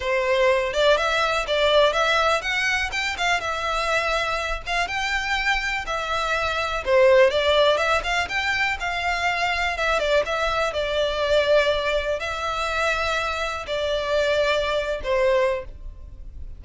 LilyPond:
\new Staff \with { instrumentName = "violin" } { \time 4/4 \tempo 4 = 123 c''4. d''8 e''4 d''4 | e''4 fis''4 g''8 f''8 e''4~ | e''4. f''8 g''2 | e''2 c''4 d''4 |
e''8 f''8 g''4 f''2 | e''8 d''8 e''4 d''2~ | d''4 e''2. | d''2~ d''8. c''4~ c''16 | }